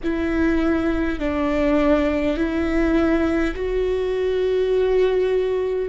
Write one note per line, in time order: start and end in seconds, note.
0.03 1.19 E4
1.19 2.36 D4
2.36 3.54 E4
3.55 5.88 F#4